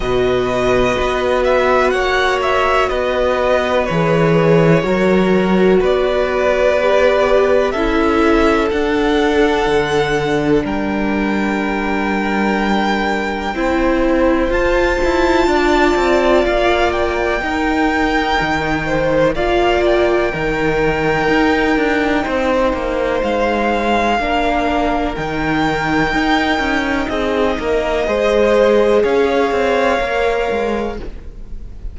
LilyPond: <<
  \new Staff \with { instrumentName = "violin" } { \time 4/4 \tempo 4 = 62 dis''4. e''8 fis''8 e''8 dis''4 | cis''2 d''2 | e''4 fis''2 g''4~ | g''2. a''4~ |
a''4 f''8 g''2~ g''8 | f''8 g''2.~ g''8 | f''2 g''2 | dis''2 f''2 | }
  \new Staff \with { instrumentName = "violin" } { \time 4/4 b'2 cis''4 b'4~ | b'4 ais'4 b'2 | a'2. ais'4~ | ais'2 c''2 |
d''2 ais'4. c''8 | d''4 ais'2 c''4~ | c''4 ais'2. | gis'8 ais'8 c''4 cis''2 | }
  \new Staff \with { instrumentName = "viola" } { \time 4/4 fis'1 | gis'4 fis'2 g'4 | e'4 d'2.~ | d'2 e'4 f'4~ |
f'2 dis'2 | f'4 dis'2.~ | dis'4 d'4 dis'2~ | dis'4 gis'2 ais'4 | }
  \new Staff \with { instrumentName = "cello" } { \time 4/4 b,4 b4 ais4 b4 | e4 fis4 b2 | cis'4 d'4 d4 g4~ | g2 c'4 f'8 e'8 |
d'8 c'8 ais4 dis'4 dis4 | ais4 dis4 dis'8 d'8 c'8 ais8 | gis4 ais4 dis4 dis'8 cis'8 | c'8 ais8 gis4 cis'8 c'8 ais8 gis8 | }
>>